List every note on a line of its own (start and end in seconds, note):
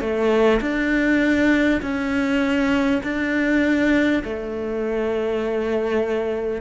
0.00 0.60 A3
0.61 1.81 D4
1.82 3.02 C#4
3.03 4.23 D4
4.23 6.61 A3